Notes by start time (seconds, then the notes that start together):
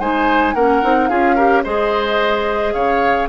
0.00 G#3 D#4 C5 G#5
0.54 A#3 C#4 A#4 F#5
0.83 C4 D#4
1.08 C#4 F4 G#4 F5
1.36 G4 A#4
1.64 G#3 G#4 C5 D#5
2.73 C#3 C#5 F5